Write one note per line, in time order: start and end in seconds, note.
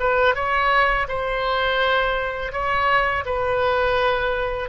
0.00 0.35 B4
0.35 1.07 C#5
1.08 2.52 C5
2.52 3.25 C#5
3.26 4.70 B4